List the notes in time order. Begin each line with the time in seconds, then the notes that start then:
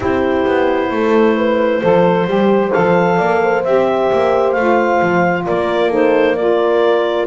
0.00 C4 E4 G4 C5
0.45 B3
0.91 A3 A4
1.36 B4
1.81 F3 A4 C5
2.26 G3 G4
2.71 F3 A4 F5
3.17 A#3 D5
3.42 C5
3.63 C4 G4 E5
4.12 A#3
4.52 A3 F4 F5
5.01 F3
5.45 A#3 A#4 D5
5.88 D#4 A4 C5
6.35 F4 A#4 D5